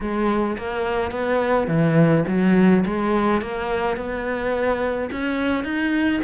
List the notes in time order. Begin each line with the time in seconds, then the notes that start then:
0.00 G#3
0.57 A#3
1.11 B3
1.67 E3
2.27 F#3
2.85 G#3
3.41 A#3
3.96 B3
5.11 C#4
5.64 D#4